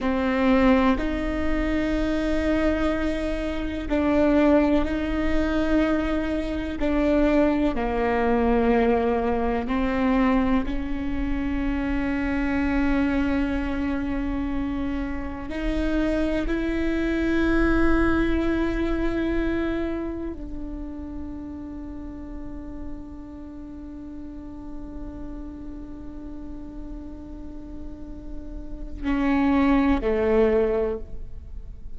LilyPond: \new Staff \with { instrumentName = "viola" } { \time 4/4 \tempo 4 = 62 c'4 dis'2. | d'4 dis'2 d'4 | ais2 c'4 cis'4~ | cis'1 |
dis'4 e'2.~ | e'4 d'2.~ | d'1~ | d'2 cis'4 a4 | }